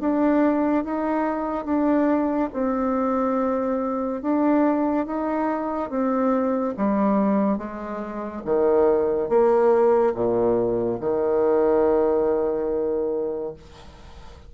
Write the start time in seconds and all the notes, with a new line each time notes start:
0.00 D4
0.85 D#4
1.65 D4
2.53 C4
4.22 D4
5.06 D#4
5.90 C4
6.77 G3
7.58 G#3
8.45 D#3
9.29 A#3
10.15 A#2
11.01 D#3